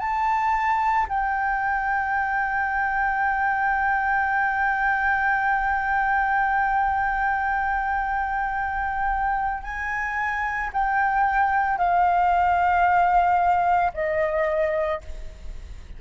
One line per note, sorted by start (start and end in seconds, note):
0.00 1.07 A5
1.09 9.64 G5
9.64 10.71 G#5
10.74 11.78 G5
11.78 13.92 F5
13.94 15.01 D#5